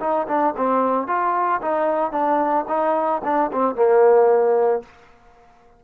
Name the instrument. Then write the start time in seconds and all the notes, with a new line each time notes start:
trombone
0.00 D#4
0.28 D4
0.57 C4
1.07 F4
1.61 D#4
2.12 D4
2.68 D#4
3.24 D4
3.52 C4
3.75 A#3